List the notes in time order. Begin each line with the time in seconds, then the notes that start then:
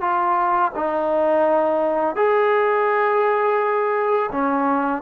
0.00 F4
0.75 D#4
2.16 G#4
4.31 C#4